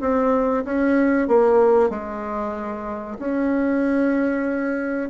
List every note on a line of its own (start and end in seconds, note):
0.00 0.64 C4
0.65 1.28 C#4
1.28 1.90 A#3
1.90 3.17 G#3
3.19 5.10 C#4